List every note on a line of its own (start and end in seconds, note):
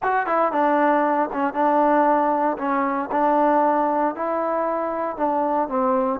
0.03 0.26 F#4
0.26 0.51 E4
0.51 1.29 D4
1.32 1.53 C#4
1.53 2.57 D4
2.57 3.09 C#4
3.11 4.15 D4
4.15 5.17 E4
5.17 5.68 D4
5.68 6.20 C4